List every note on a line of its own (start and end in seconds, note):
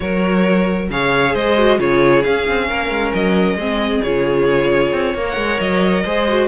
0.00 0.89 F#3
0.00 0.87 F#4
0.00 0.90 A#4
0.00 0.89 C#5
0.89 1.34 C#3
0.89 1.57 G#4
0.89 1.33 C#5
0.89 1.35 F5
1.33 1.78 G#3
1.33 1.78 C5
1.33 1.79 D#5
1.57 1.78 F#4
1.78 2.23 C#3
1.78 2.23 F4
1.78 2.67 G#4
1.78 2.23 C#5
2.23 2.47 C#4
2.23 3.59 C#4
2.23 3.12 F5
2.47 2.70 C4
2.67 2.90 A#3
2.67 3.57 A#4
2.90 3.12 G#3
3.14 3.55 F#3
3.14 4.02 D#5
3.55 4.00 G#3
3.55 4.04 C4
3.55 5.13 G#4
4.02 4.93 C#3
4.02 5.17 F4
4.02 5.25 C#5
4.93 5.14 C4
5.13 5.36 A#3
5.13 6.06 A#4
5.13 6.03 C#5
5.29 5.59 F#5
5.36 5.59 G#3
5.59 6.03 F#3
5.59 6.47 D#5
6.04 6.47 G#3
6.04 6.28 G#4
6.04 6.47 C5
6.28 6.47 F#4